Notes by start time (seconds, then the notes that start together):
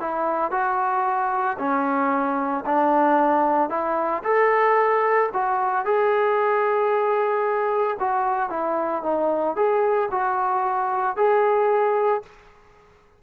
0.00 E4
0.51 F#4
1.58 C#4
2.65 D4
3.69 E4
4.23 A4
5.33 F#4
5.85 G#4
7.99 F#4
8.50 E4
9.02 D#4
9.56 G#4
10.11 F#4
11.16 G#4